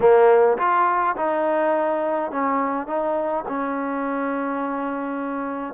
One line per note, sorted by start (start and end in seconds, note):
0.00 0.57 A#3
0.58 1.15 F4
1.16 2.31 D#4
2.31 2.86 C#4
2.86 3.44 D#4
3.48 5.74 C#4